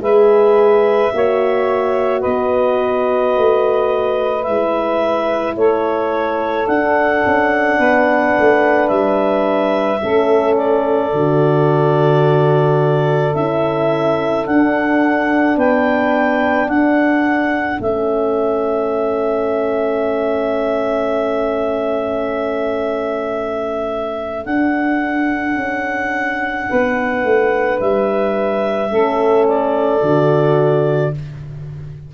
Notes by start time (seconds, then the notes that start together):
0.00 G#3 G#4 B4 E5
1.14 A#3 F#4 C#5
2.20 B3 B4 D#5
3.37 A3
4.44 G#3 E4 E5
5.56 A3 A4 C#5
6.67 D4 F#5
7.26 C#4
7.78 B3 B4
8.40 A3
8.88 G3 E5
10.02 A3 C#4 A4
10.57 D5
11.13 D3 F#4
13.35 C#4 E4 E5
14.46 D4 F#5
15.57 B3 B4 G5
16.67 D4 A4 F#5
17.80 A3 C#4 E5
24.46 D4 F#5
25.56 C#4
26.69 B3 B4
27.24 A3
27.80 G3 E5
28.91 A3 C#4 A4
29.48 D5
30.02 D3 F#4